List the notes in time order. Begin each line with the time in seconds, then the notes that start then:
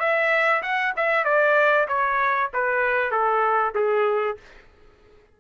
0.00 E5
0.63 F#5
0.97 E5
1.25 D5
1.89 C#5
2.54 B4
3.12 A4
3.75 G#4